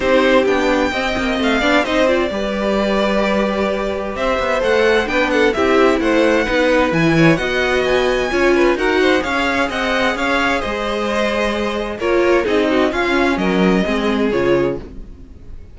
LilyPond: <<
  \new Staff \with { instrumentName = "violin" } { \time 4/4 \tempo 4 = 130 c''4 g''2 f''4 | dis''8 d''2.~ d''8~ | d''4 e''4 fis''4 g''8 fis''8 | e''4 fis''2 gis''4 |
fis''4 gis''2 fis''4 | f''4 fis''4 f''4 dis''4~ | dis''2 cis''4 dis''4 | f''4 dis''2 cis''4 | }
  \new Staff \with { instrumentName = "violin" } { \time 4/4 g'2 dis''4. d''8 | c''4 b'2.~ | b'4 c''2 b'8 a'8 | g'4 c''4 b'4. cis''8 |
dis''2 cis''8 b'8 ais'8 c''8 | cis''4 dis''4 cis''4 c''4~ | c''2 ais'4 gis'8 fis'8 | f'4 ais'4 gis'2 | }
  \new Staff \with { instrumentName = "viola" } { \time 4/4 dis'4 d'4 c'4. d'8 | dis'8 f'8 g'2.~ | g'2 a'4 d'4 | e'2 dis'4 e'4 |
fis'2 f'4 fis'4 | gis'1~ | gis'2 f'4 dis'4 | cis'2 c'4 f'4 | }
  \new Staff \with { instrumentName = "cello" } { \time 4/4 c'4 b4 c'8 ais8 a8 b8 | c'4 g2.~ | g4 c'8 b8 a4 b4 | c'4 a4 b4 e4 |
b2 cis'4 dis'4 | cis'4 c'4 cis'4 gis4~ | gis2 ais4 c'4 | cis'4 fis4 gis4 cis4 | }
>>